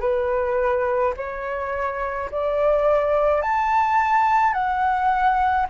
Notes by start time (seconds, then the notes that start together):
0.00 B4
1.17 C#5
2.31 D5
3.42 A5
4.53 F#5